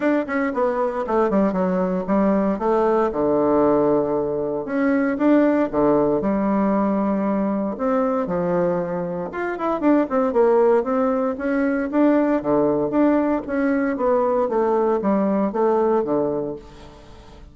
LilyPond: \new Staff \with { instrumentName = "bassoon" } { \time 4/4 \tempo 4 = 116 d'8 cis'8 b4 a8 g8 fis4 | g4 a4 d2~ | d4 cis'4 d'4 d4 | g2. c'4 |
f2 f'8 e'8 d'8 c'8 | ais4 c'4 cis'4 d'4 | d4 d'4 cis'4 b4 | a4 g4 a4 d4 | }